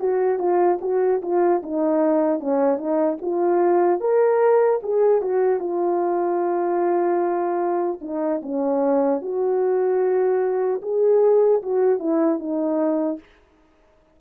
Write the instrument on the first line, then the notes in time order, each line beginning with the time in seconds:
horn
0.00 F#4
0.39 F4
0.81 F#4
1.22 F4
1.63 D#4
2.40 C#4
2.78 D#4
3.22 F4
4.01 A#4
4.83 G#4
5.22 F#4
5.60 F4
8.01 D#4
8.43 C#4
9.22 F#4
10.83 G#4
11.63 F#4
11.99 E4
12.39 D#4